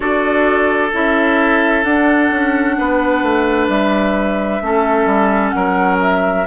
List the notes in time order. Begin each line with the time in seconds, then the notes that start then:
0.00 D4 F#4 A4 D5
0.92 C#4 E4 E5
1.83 D4 F#5
2.30 C#4
2.78 B3 B4
3.22 A3
3.68 G3 E5
4.61 A3 C#4 A4
5.05 G3
5.49 F#3 A#4 F#5
6.01 E5